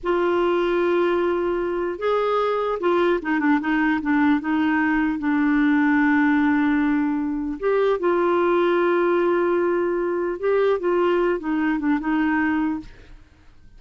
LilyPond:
\new Staff \with { instrumentName = "clarinet" } { \time 4/4 \tempo 4 = 150 f'1~ | f'4 gis'2 f'4 | dis'8 d'8 dis'4 d'4 dis'4~ | dis'4 d'2.~ |
d'2. g'4 | f'1~ | f'2 g'4 f'4~ | f'8 dis'4 d'8 dis'2 | }